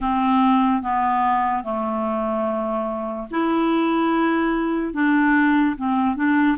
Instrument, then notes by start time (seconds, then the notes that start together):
clarinet
0.00 C4
0.82 B3
1.63 A3
3.30 E4
4.93 D4
5.76 C4
6.16 D4